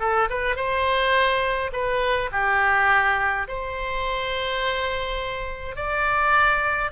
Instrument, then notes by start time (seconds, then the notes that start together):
oboe
0.00 A4
0.30 B4
0.56 C5
1.73 B4
2.32 G4
3.48 C5
5.76 D5